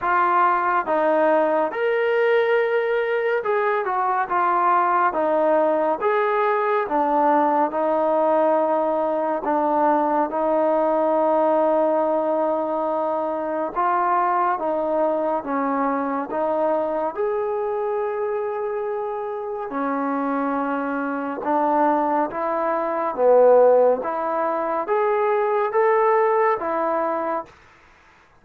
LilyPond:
\new Staff \with { instrumentName = "trombone" } { \time 4/4 \tempo 4 = 70 f'4 dis'4 ais'2 | gis'8 fis'8 f'4 dis'4 gis'4 | d'4 dis'2 d'4 | dis'1 |
f'4 dis'4 cis'4 dis'4 | gis'2. cis'4~ | cis'4 d'4 e'4 b4 | e'4 gis'4 a'4 e'4 | }